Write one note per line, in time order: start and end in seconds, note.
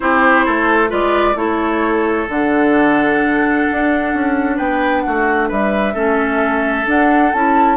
0.00 0.46 C4
0.00 0.88 E4
0.00 0.45 G4
0.00 0.91 C5
0.45 0.92 A3
0.45 0.89 A4
0.88 1.35 G#3
0.88 1.34 F4
0.88 1.35 B4
0.88 1.37 D5
1.35 2.26 A3
1.35 2.27 E4
1.35 4.56 A4
1.35 2.28 C#5
2.28 3.66 D3
2.28 5.95 D4
2.28 4.57 F#5
3.71 4.13 D4
4.13 4.58 C#4
4.56 5.04 B3
4.56 5.02 B4
4.56 5.01 G5
5.01 5.51 A3
5.01 5.48 F#4
5.01 5.47 F#5
5.48 5.94 G3
5.48 5.93 B4
5.48 6.87 E5
5.93 6.86 A3
5.93 6.85 C#4
5.93 7.76 A4
6.85 7.31 D4
6.85 7.33 D4
6.85 7.32 F#5
7.32 7.77 C#4
7.32 7.77 E4
7.32 7.77 A5